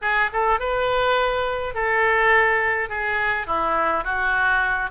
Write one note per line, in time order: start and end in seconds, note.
0.01 0.30 G#4
0.33 0.59 A4
0.59 1.74 B4
1.74 2.89 A4
2.89 3.46 G#4
3.46 4.04 E4
4.04 4.90 F#4